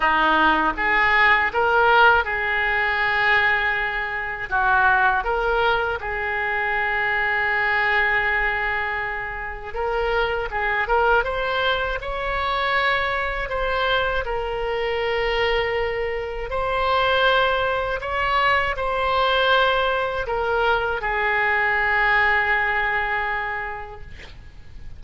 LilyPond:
\new Staff \with { instrumentName = "oboe" } { \time 4/4 \tempo 4 = 80 dis'4 gis'4 ais'4 gis'4~ | gis'2 fis'4 ais'4 | gis'1~ | gis'4 ais'4 gis'8 ais'8 c''4 |
cis''2 c''4 ais'4~ | ais'2 c''2 | cis''4 c''2 ais'4 | gis'1 | }